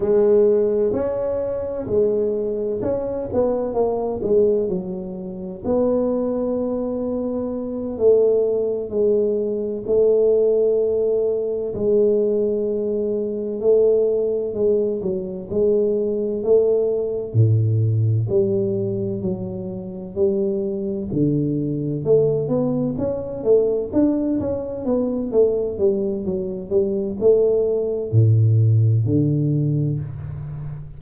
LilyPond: \new Staff \with { instrumentName = "tuba" } { \time 4/4 \tempo 4 = 64 gis4 cis'4 gis4 cis'8 b8 | ais8 gis8 fis4 b2~ | b8 a4 gis4 a4.~ | a8 gis2 a4 gis8 |
fis8 gis4 a4 a,4 g8~ | g8 fis4 g4 d4 a8 | b8 cis'8 a8 d'8 cis'8 b8 a8 g8 | fis8 g8 a4 a,4 d4 | }